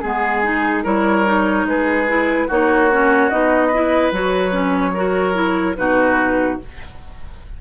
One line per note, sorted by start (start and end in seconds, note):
0.00 0.84 G#3
0.00 0.43 B3
0.00 0.82 G#4
0.00 0.83 G#4
0.43 0.84 D#4
0.83 1.64 G3
0.83 1.25 E4
0.83 1.65 A#4
0.83 1.67 C#5
1.25 2.07 D#4
1.64 2.46 G#3
1.64 2.47 G#4
1.64 2.49 B4
2.07 2.48 E4
2.47 3.31 A#3
2.47 2.91 D#4
2.47 3.67 F#4
2.47 3.29 C#5
2.91 3.31 C#4
3.29 4.11 B3
3.29 3.72 D#4
3.29 4.11 D#5
3.67 4.90 B4
3.73 4.13 E4
4.11 5.76 F#3
4.11 4.51 F#4
4.11 5.76 C#5
4.51 4.92 C#4
4.94 5.33 F#4
4.94 5.76 A#4
5.33 5.74 E4
5.76 6.60 B2
5.76 6.59 D#4
5.76 6.61 F#4
5.76 6.58 B4